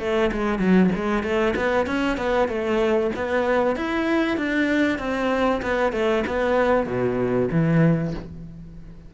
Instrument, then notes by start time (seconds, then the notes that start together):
cello
0.00 A3
0.33 G#3
0.59 F#3
0.96 G#3
1.24 A3
1.57 B3
1.87 C#4
2.18 B3
2.49 A3
3.16 B3
3.76 E4
4.38 D4
4.99 C4
5.62 B3
5.93 A3
6.27 B3
6.87 B2
7.52 E3